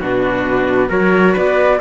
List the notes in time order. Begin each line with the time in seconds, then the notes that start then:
0.00 B2 D4 F#4 B4
0.89 F#3 F#4 A#4 C#5
1.33 B3 B4 D5